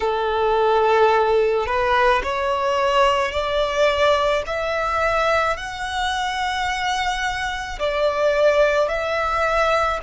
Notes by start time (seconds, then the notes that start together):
0.00 A4
1.66 B4
2.23 C#5
3.31 D5
4.46 E5
5.56 F#5
7.79 D5
8.88 E5